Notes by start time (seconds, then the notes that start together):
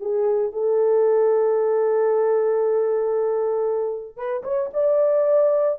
0.00 G#4
0.52 A4
4.17 B4
4.43 C#5
4.73 D5